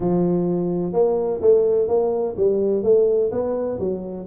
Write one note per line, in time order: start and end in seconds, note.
0.00 0.92 F3
0.92 1.40 A#3
1.41 1.87 A3
1.87 2.35 A#3
2.36 2.83 G3
2.83 3.30 A3
3.31 3.78 B3
3.79 4.26 F#3